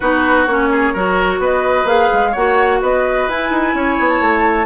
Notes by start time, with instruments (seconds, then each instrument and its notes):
0.00 bassoon B3, clarinet D#4, oboe F#4, flute B4
0.45 bassoon A#3, clarinet C#4, flute C#5
0.71 oboe G#4
0.93 bassoon F#3, clarinet F#4, oboe A#4
1.38 bassoon B3, oboe B4, flute D#5
1.84 bassoon A#3, clarinet G#4, flute F5
2.12 bassoon G#3
2.31 bassoon A#3, clarinet F#4, oboe C#5, flute F#5
2.81 bassoon B3, oboe B4, flute D#5
3.28 bassoon E4, clarinet E4, flute G#5
3.50 bassoon D#4
3.73 bassoon C#4, oboe C#5
3.99 bassoon B3
4.09 flute A5
4.20 bassoon A3